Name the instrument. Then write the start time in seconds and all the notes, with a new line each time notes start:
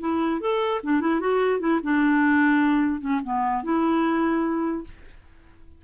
clarinet
0.00 E4
0.41 A4
0.83 D4
1.00 E4
1.20 F#4
1.60 E4
1.83 D4
3.00 C#4
3.24 B3
3.63 E4